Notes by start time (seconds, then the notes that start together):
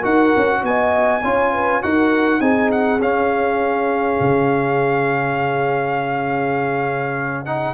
0.00 D#4 F#4 A#4 F#5
0.37 C#4
0.64 B3 D#5 G#5
1.23 C#4 F4 C#5
1.53 B4
1.83 D#4 F#4 A#4 F#5
2.41 C4 D#4 G#4 G#5
2.72 F#5
3.00 C#4 F5
4.21 C#3
7.46 D#4 F#5